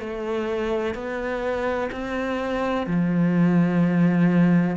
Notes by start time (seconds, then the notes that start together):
0.00 A3
0.95 B3
1.92 C4
2.87 F3